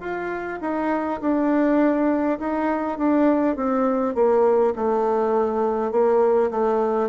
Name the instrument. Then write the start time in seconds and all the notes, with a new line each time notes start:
bassoon
0.00 F4
0.61 D#4
1.21 D4
2.40 D#4
2.98 D4
3.56 C4
4.15 A#3
4.76 A3
5.92 A#3
6.51 A3